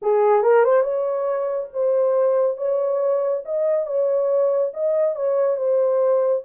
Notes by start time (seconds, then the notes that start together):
0.01 G#4
0.42 A#4
0.64 C5
0.82 C#5
1.72 C5
2.57 C#5
3.45 D#5
3.86 C#5
4.73 D#5
5.15 C#5
5.57 C5